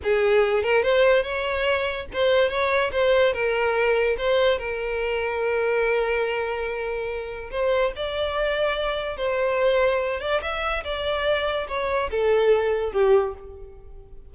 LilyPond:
\new Staff \with { instrumentName = "violin" } { \time 4/4 \tempo 4 = 144 gis'4. ais'8 c''4 cis''4~ | cis''4 c''4 cis''4 c''4 | ais'2 c''4 ais'4~ | ais'1~ |
ais'2 c''4 d''4~ | d''2 c''2~ | c''8 d''8 e''4 d''2 | cis''4 a'2 g'4 | }